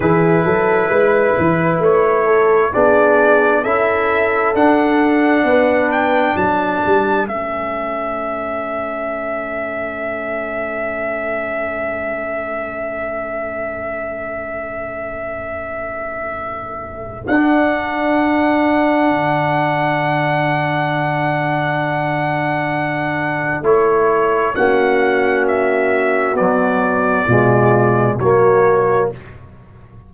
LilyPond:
<<
  \new Staff \with { instrumentName = "trumpet" } { \time 4/4 \tempo 4 = 66 b'2 cis''4 d''4 | e''4 fis''4. g''8 a''4 | e''1~ | e''1~ |
e''2. fis''4~ | fis''1~ | fis''2 cis''4 fis''4 | e''4 d''2 cis''4 | }
  \new Staff \with { instrumentName = "horn" } { \time 4/4 gis'8 a'8 b'4. a'8 gis'4 | a'2 b'4 a'4~ | a'1~ | a'1~ |
a'1~ | a'1~ | a'2. fis'4~ | fis'2 f'4 fis'4 | }
  \new Staff \with { instrumentName = "trombone" } { \time 4/4 e'2. d'4 | e'4 d'2. | cis'1~ | cis'1~ |
cis'2. d'4~ | d'1~ | d'2 e'4 cis'4~ | cis'4 fis4 gis4 ais4 | }
  \new Staff \with { instrumentName = "tuba" } { \time 4/4 e8 fis8 gis8 e8 a4 b4 | cis'4 d'4 b4 fis8 g8 | a1~ | a1~ |
a2. d'4~ | d'4 d2.~ | d2 a4 ais4~ | ais4 b4 b,4 fis4 | }
>>